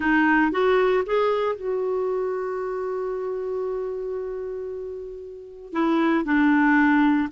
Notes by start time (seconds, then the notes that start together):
0.00 D#4
0.51 F#4
1.06 G#4
1.55 F#4
5.72 E4
6.24 D4